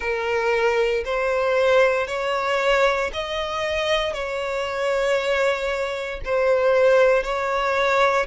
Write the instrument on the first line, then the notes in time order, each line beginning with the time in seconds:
violin
0.00 A#4
1.04 C5
2.07 C#5
3.13 D#5
4.13 C#5
6.24 C5
7.23 C#5